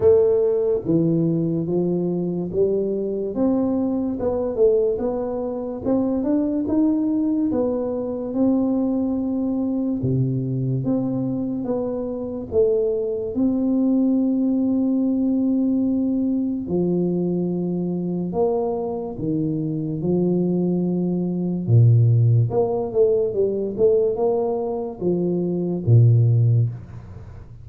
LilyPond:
\new Staff \with { instrumentName = "tuba" } { \time 4/4 \tempo 4 = 72 a4 e4 f4 g4 | c'4 b8 a8 b4 c'8 d'8 | dis'4 b4 c'2 | c4 c'4 b4 a4 |
c'1 | f2 ais4 dis4 | f2 ais,4 ais8 a8 | g8 a8 ais4 f4 ais,4 | }